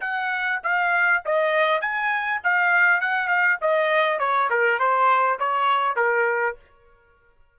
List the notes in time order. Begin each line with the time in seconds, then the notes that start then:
0.00 F#5
0.63 F5
1.25 D#5
1.81 G#5
2.43 F5
3.01 F#5
3.28 F5
3.61 D#5
4.19 C#5
4.50 A#4
4.79 C5
5.39 C#5
5.96 A#4